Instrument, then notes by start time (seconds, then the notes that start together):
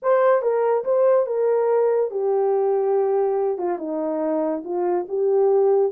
horn
0.02 C5
0.41 A#4
0.84 C5
1.26 A#4
2.10 G4
3.58 F4
3.78 D#4
4.64 F4
5.08 G4